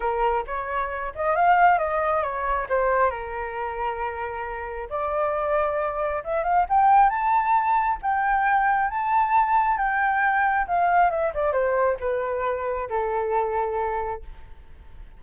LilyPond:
\new Staff \with { instrumentName = "flute" } { \time 4/4 \tempo 4 = 135 ais'4 cis''4. dis''8 f''4 | dis''4 cis''4 c''4 ais'4~ | ais'2. d''4~ | d''2 e''8 f''8 g''4 |
a''2 g''2 | a''2 g''2 | f''4 e''8 d''8 c''4 b'4~ | b'4 a'2. | }